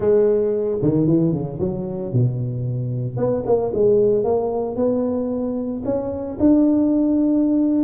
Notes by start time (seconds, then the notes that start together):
0.00 G#3
0.81 D#3
1.07 E3
1.32 C#3
1.59 F#3
2.12 B2
3.16 B3
3.46 A#3
3.74 G#3
4.24 A#3
4.76 B3
5.84 C#4
6.39 D4